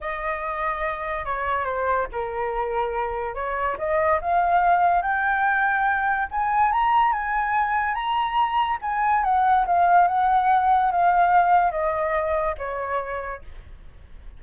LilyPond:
\new Staff \with { instrumentName = "flute" } { \time 4/4 \tempo 4 = 143 dis''2. cis''4 | c''4 ais'2. | cis''4 dis''4 f''2 | g''2. gis''4 |
ais''4 gis''2 ais''4~ | ais''4 gis''4 fis''4 f''4 | fis''2 f''2 | dis''2 cis''2 | }